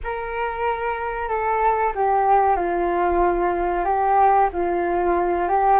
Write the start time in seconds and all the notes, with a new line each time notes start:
0.03 A#4
1.28 A4
1.95 G4
2.56 F4
3.84 G4
4.52 F4
5.48 G4